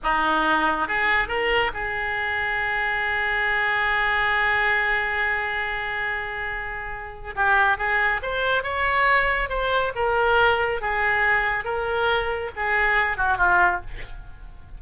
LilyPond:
\new Staff \with { instrumentName = "oboe" } { \time 4/4 \tempo 4 = 139 dis'2 gis'4 ais'4 | gis'1~ | gis'1~ | gis'1~ |
gis'4 g'4 gis'4 c''4 | cis''2 c''4 ais'4~ | ais'4 gis'2 ais'4~ | ais'4 gis'4. fis'8 f'4 | }